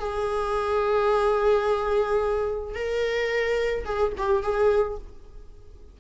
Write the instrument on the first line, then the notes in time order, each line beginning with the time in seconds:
viola
0.00 G#4
2.75 A#4
3.86 G#4
4.18 G4
4.43 G#4